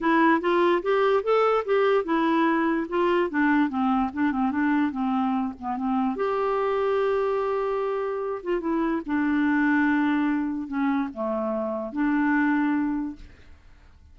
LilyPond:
\new Staff \with { instrumentName = "clarinet" } { \time 4/4 \tempo 4 = 146 e'4 f'4 g'4 a'4 | g'4 e'2 f'4 | d'4 c'4 d'8 c'8 d'4 | c'4. b8 c'4 g'4~ |
g'1~ | g'8 f'8 e'4 d'2~ | d'2 cis'4 a4~ | a4 d'2. | }